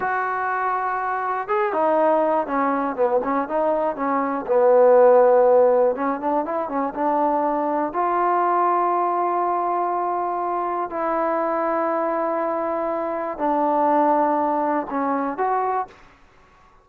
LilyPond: \new Staff \with { instrumentName = "trombone" } { \time 4/4 \tempo 4 = 121 fis'2. gis'8 dis'8~ | dis'4 cis'4 b8 cis'8 dis'4 | cis'4 b2. | cis'8 d'8 e'8 cis'8 d'2 |
f'1~ | f'2 e'2~ | e'2. d'4~ | d'2 cis'4 fis'4 | }